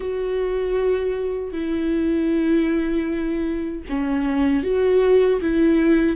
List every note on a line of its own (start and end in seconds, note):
0.00 1.52 F#4
1.52 3.83 E4
3.88 4.63 C#4
4.63 5.40 F#4
5.41 6.16 E4